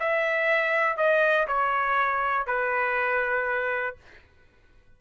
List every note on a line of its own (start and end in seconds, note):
0.00 0.97 E5
0.97 1.47 D#5
1.48 2.47 C#5
2.47 3.97 B4